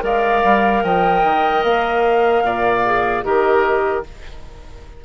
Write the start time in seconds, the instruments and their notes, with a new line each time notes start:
0.00 bassoon G#3, clarinet A#4, oboe D5, flute F5
0.44 bassoon G3
0.83 bassoon F3, oboe D#5, flute G5
1.23 bassoon D#3
1.63 bassoon A#3, flute F5
2.43 bassoon A#2, oboe D5
2.85 clarinet G#4
3.23 bassoon D#3, clarinet G4, oboe A#4, flute D#5